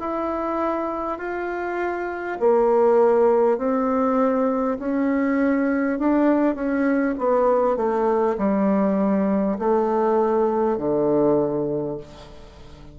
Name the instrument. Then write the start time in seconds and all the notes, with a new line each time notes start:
bassoon
0.00 E4
1.18 F4
2.40 A#3
3.58 C4
4.79 C#4
5.99 D4
6.55 C#4
7.19 B3
7.77 A3
8.38 G3
9.59 A3
10.78 D3